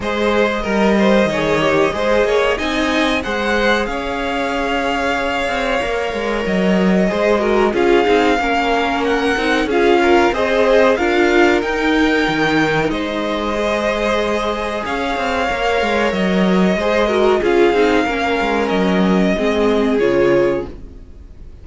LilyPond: <<
  \new Staff \with { instrumentName = "violin" } { \time 4/4 \tempo 4 = 93 dis''1 | gis''4 fis''4 f''2~ | f''2 dis''2 | f''2 fis''4 f''4 |
dis''4 f''4 g''2 | dis''2. f''4~ | f''4 dis''2 f''4~ | f''4 dis''2 cis''4 | }
  \new Staff \with { instrumentName = "violin" } { \time 4/4 c''4 ais'8 c''8 cis''4 c''8 cis''8 | dis''4 c''4 cis''2~ | cis''2. c''8 ais'8 | gis'4 ais'2 gis'8 ais'8 |
c''4 ais'2. | c''2. cis''4~ | cis''2 c''8 ais'8 gis'4 | ais'2 gis'2 | }
  \new Staff \with { instrumentName = "viola" } { \time 4/4 gis'4 ais'4 gis'8 g'8 gis'4 | dis'4 gis'2.~ | gis'4 ais'2 gis'8 fis'8 | f'8 dis'8 cis'4. dis'8 f'4 |
gis'4 f'4 dis'2~ | dis'4 gis'2. | ais'2 gis'8 fis'8 f'8 dis'8 | cis'2 c'4 f'4 | }
  \new Staff \with { instrumentName = "cello" } { \time 4/4 gis4 g4 dis4 gis8 ais8 | c'4 gis4 cis'2~ | cis'8 c'8 ais8 gis8 fis4 gis4 | cis'8 c'8 ais4. c'8 cis'4 |
c'4 d'4 dis'4 dis4 | gis2. cis'8 c'8 | ais8 gis8 fis4 gis4 cis'8 c'8 | ais8 gis8 fis4 gis4 cis4 | }
>>